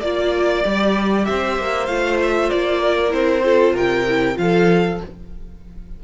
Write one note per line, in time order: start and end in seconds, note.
0.00 0.63 A#3
0.00 0.64 F4
0.00 1.24 D5
0.00 1.26 D5
0.64 1.28 G3
0.64 1.88 G4
1.24 1.58 C4
1.24 2.81 C5
1.24 1.86 E5
1.58 1.87 A#3
1.86 2.50 A3
1.86 3.09 F4
1.86 2.17 F5
2.22 2.49 E5
2.49 3.12 A#3
2.49 3.12 D5
2.81 3.44 A#4
3.09 3.73 C4
3.09 3.40 E4
3.09 3.76 C5
3.43 4.06 F4
3.43 3.73 A4
3.73 4.36 C3
3.73 4.36 A#4
3.73 4.37 G5
4.07 4.34 E4
4.34 5.00 F3
4.34 4.97 F4
4.34 5.00 F5
4.41 5.04 A4